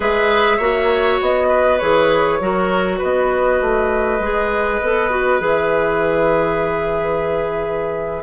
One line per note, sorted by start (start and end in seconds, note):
0.00 0.58 G#3
0.00 0.60 G#4
0.00 0.57 B4
0.00 1.21 E5
0.57 1.19 A#3
0.57 1.80 F#4
0.57 1.47 C#5
1.21 1.81 B3
1.21 1.78 D#5
1.48 2.38 B4
1.78 2.40 E3
1.78 2.40 G#4
1.78 2.98 C#5
2.40 3.00 F#3
2.40 4.20 F#4
2.40 2.98 A#4
2.98 3.61 B3
2.98 8.23 B4
2.98 5.41 D#5
3.61 4.19 A3
4.19 4.79 G#3
4.19 4.82 G#4
4.81 5.40 B3
4.81 5.10 A4
5.10 5.39 F#4
5.39 8.23 E3
5.39 8.23 G#4
5.39 8.23 E5